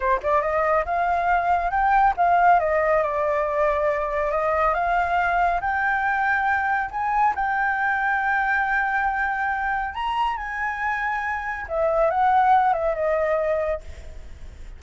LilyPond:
\new Staff \with { instrumentName = "flute" } { \time 4/4 \tempo 4 = 139 c''8 d''8 dis''4 f''2 | g''4 f''4 dis''4 d''4~ | d''2 dis''4 f''4~ | f''4 g''2. |
gis''4 g''2.~ | g''2. ais''4 | gis''2. e''4 | fis''4. e''8 dis''2 | }